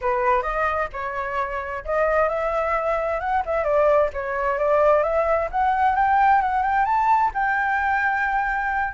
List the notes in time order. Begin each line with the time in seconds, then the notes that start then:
0.01 B4
0.42 D#5
0.92 C#5
1.84 D#5
2.29 E5
3.19 F#5
3.45 E5
3.63 D5
4.13 C#5
4.58 D5
5.03 E5
5.51 F#5
5.95 G5
6.41 F#5
6.62 G5
6.85 A5
7.34 G5